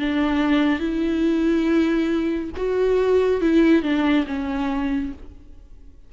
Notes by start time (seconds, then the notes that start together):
0.00 D4
0.80 E4
2.57 F#4
3.41 E4
3.83 D4
4.27 C#4